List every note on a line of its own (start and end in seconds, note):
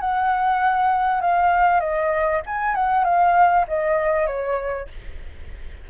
0.00 1.21 F#5
1.21 1.80 F5
1.80 2.41 D#5
2.46 2.75 G#5
2.75 3.04 F#5
3.04 3.65 F5
3.67 4.27 D#5
4.27 4.88 C#5